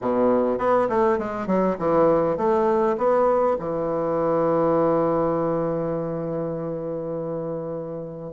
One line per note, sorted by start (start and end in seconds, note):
0.01 0.58 B2
0.58 0.88 B3
0.89 1.18 A3
1.18 1.46 G#3
1.46 1.76 F#3
1.78 2.37 E3
2.37 2.96 A3
2.97 3.56 B3
3.59 8.33 E3